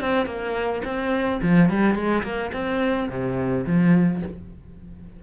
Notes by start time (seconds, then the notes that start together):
0.00 C4
0.25 A#3
0.84 C4
1.42 F3
1.69 G3
1.94 G#3
2.23 A#3
2.53 C4
3.09 C3
3.66 F3